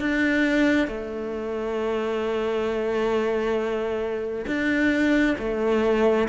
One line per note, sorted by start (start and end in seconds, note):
0.00 0.88 D4
0.88 4.46 A3
4.47 5.36 D4
5.38 6.28 A3